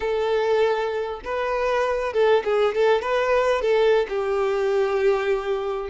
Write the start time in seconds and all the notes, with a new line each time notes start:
0.00 A4
1.24 B4
2.13 A4
2.44 G#4
2.74 A4
3.01 B4
3.61 A4
4.08 G4